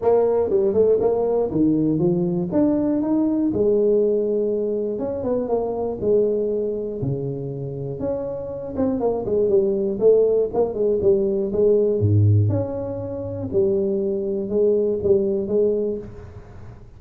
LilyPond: \new Staff \with { instrumentName = "tuba" } { \time 4/4 \tempo 4 = 120 ais4 g8 a8 ais4 dis4 | f4 d'4 dis'4 gis4~ | gis2 cis'8 b8 ais4 | gis2 cis2 |
cis'4. c'8 ais8 gis8 g4 | a4 ais8 gis8 g4 gis4 | gis,4 cis'2 g4~ | g4 gis4 g4 gis4 | }